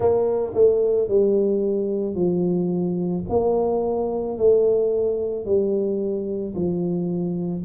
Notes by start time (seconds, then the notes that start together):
0.00 A#3
0.54 A3
1.08 G3
2.15 F3
3.29 A#3
4.37 A3
5.45 G3
6.55 F3